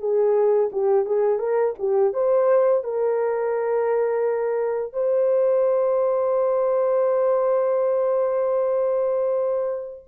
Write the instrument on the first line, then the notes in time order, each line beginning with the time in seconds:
horn
0.00 G#4
0.73 G4
1.06 G#4
1.40 A#4
1.79 G4
2.14 C5
2.84 A#4
4.93 C5